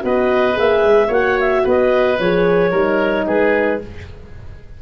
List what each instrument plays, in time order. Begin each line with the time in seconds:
0.00 tuba B3, horn F#4, oboe B4, clarinet D#5
0.54 tuba A#3, horn G#4, clarinet E5
0.84 tuba G#3
1.08 tuba A#3, horn F#4, oboe C#5, clarinet F#5
1.40 clarinet E5
1.64 tuba B3, oboe B4, clarinet D#5
2.19 tuba F3, horn G#4, clarinet C#5
2.71 tuba G3, horn D#4, oboe A#4
3.27 tuba G#3, oboe G#4, clarinet B4